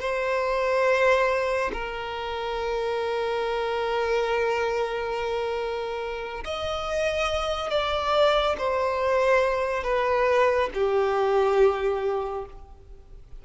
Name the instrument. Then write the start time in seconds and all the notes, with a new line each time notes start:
violin
0.00 C5
1.73 A#4
6.44 D#5
7.70 D5
8.58 C5
9.84 B4
10.74 G4